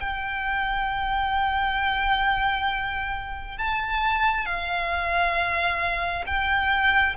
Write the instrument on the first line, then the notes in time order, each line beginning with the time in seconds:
violin
0.00 G5
3.58 A5
4.45 F5
6.26 G5